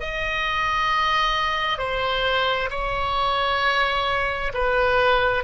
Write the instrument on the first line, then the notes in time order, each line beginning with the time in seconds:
oboe
0.00 D#5
1.79 C5
2.70 C#5
4.54 B4